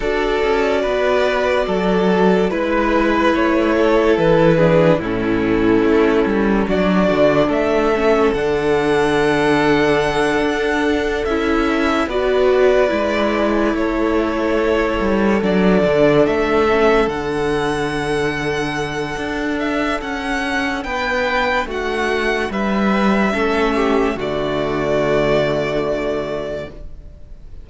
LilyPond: <<
  \new Staff \with { instrumentName = "violin" } { \time 4/4 \tempo 4 = 72 d''2. b'4 | cis''4 b'4 a'2 | d''4 e''4 fis''2~ | fis''4. e''4 d''4.~ |
d''8 cis''2 d''4 e''8~ | e''8 fis''2. e''8 | fis''4 g''4 fis''4 e''4~ | e''4 d''2. | }
  \new Staff \with { instrumentName = "violin" } { \time 4/4 a'4 b'4 a'4 b'4~ | b'8 a'4 gis'8 e'2 | fis'4 a'2.~ | a'2~ a'8 b'4.~ |
b'8 a'2.~ a'8~ | a'1~ | a'4 b'4 fis'4 b'4 | a'8 g'8 fis'2. | }
  \new Staff \with { instrumentName = "viola" } { \time 4/4 fis'2. e'4~ | e'4. d'8 cis'2 | d'4. cis'8 d'2~ | d'4. e'4 fis'4 e'8~ |
e'2~ e'8 d'4. | cis'8 d'2.~ d'8~ | d'1 | cis'4 a2. | }
  \new Staff \with { instrumentName = "cello" } { \time 4/4 d'8 cis'8 b4 fis4 gis4 | a4 e4 a,4 a8 g8 | fis8 d8 a4 d2~ | d8 d'4 cis'4 b4 gis8~ |
gis8 a4. g8 fis8 d8 a8~ | a8 d2~ d8 d'4 | cis'4 b4 a4 g4 | a4 d2. | }
>>